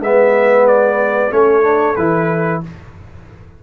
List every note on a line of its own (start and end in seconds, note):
0.00 1.30 G#3
0.00 1.32 B3
0.00 1.33 B4
0.00 0.68 E5
0.68 1.32 D5
1.31 1.97 A3
1.31 1.63 C#4
1.31 2.64 A4
1.31 1.96 C#5
1.63 1.96 D4
1.96 2.63 E3
1.96 2.64 E4
1.96 2.61 B4